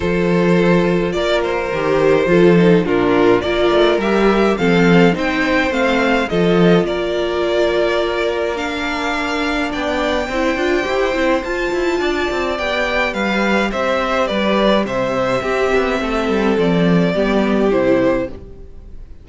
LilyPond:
<<
  \new Staff \with { instrumentName = "violin" } { \time 4/4 \tempo 4 = 105 c''2 d''8 c''4.~ | c''4 ais'4 d''4 e''4 | f''4 g''4 f''4 dis''4 | d''2. f''4~ |
f''4 g''2. | a''2 g''4 f''4 | e''4 d''4 e''2~ | e''4 d''2 c''4 | }
  \new Staff \with { instrumentName = "violin" } { \time 4/4 a'2 ais'2 | a'4 f'4 ais'2 | a'4 c''2 a'4 | ais'1~ |
ais'4 d''4 c''2~ | c''4 d''2 b'4 | c''4 b'4 c''4 g'4 | a'2 g'2 | }
  \new Staff \with { instrumentName = "viola" } { \time 4/4 f'2. g'4 | f'8 dis'8 d'4 f'4 g'4 | c'4 dis'4 c'4 f'4~ | f'2. d'4~ |
d'2 e'8 f'8 g'8 e'8 | f'2 g'2~ | g'2. c'4~ | c'2 b4 e'4 | }
  \new Staff \with { instrumentName = "cello" } { \time 4/4 f2 ais4 dis4 | f4 ais,4 ais8 a8 g4 | f4 c'4 a4 f4 | ais1~ |
ais4 b4 c'8 d'8 e'8 c'8 | f'8 e'8 d'8 c'8 b4 g4 | c'4 g4 c4 c'8 b8 | a8 g8 f4 g4 c4 | }
>>